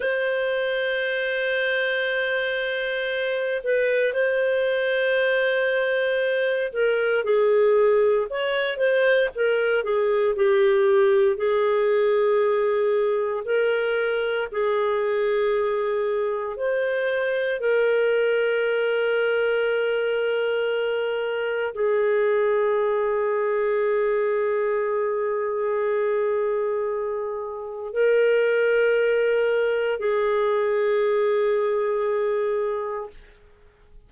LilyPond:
\new Staff \with { instrumentName = "clarinet" } { \time 4/4 \tempo 4 = 58 c''2.~ c''8 b'8 | c''2~ c''8 ais'8 gis'4 | cis''8 c''8 ais'8 gis'8 g'4 gis'4~ | gis'4 ais'4 gis'2 |
c''4 ais'2.~ | ais'4 gis'2.~ | gis'2. ais'4~ | ais'4 gis'2. | }